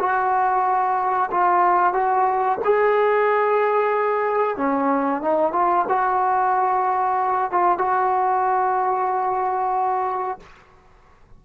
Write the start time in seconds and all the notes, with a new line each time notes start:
0.00 F#4
1.32 F4
1.94 F#4
2.65 G#4
4.57 C#4
5.22 D#4
5.53 F4
5.89 F#4
7.51 F4
7.78 F#4